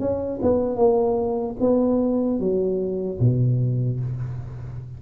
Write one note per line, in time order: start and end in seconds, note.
0.00 0.40 C#4
0.43 0.76 B3
0.76 1.56 A#3
1.60 2.40 B3
2.40 3.20 F#3
3.20 4.00 B2